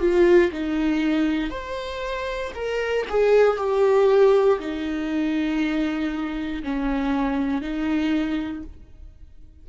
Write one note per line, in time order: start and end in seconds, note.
0.00 0.51 F4
0.52 1.51 D#4
1.51 2.52 C5
2.55 3.06 A#4
3.10 3.57 G#4
3.57 4.59 G4
4.59 6.63 D#4
6.64 7.61 C#4
7.61 8.63 D#4